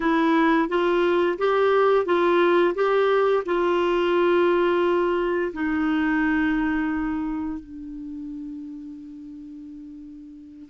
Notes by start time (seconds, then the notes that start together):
0.00 E4
0.69 F4
1.38 G4
2.05 F4
2.74 G4
3.45 F4
5.53 D#4
7.59 D4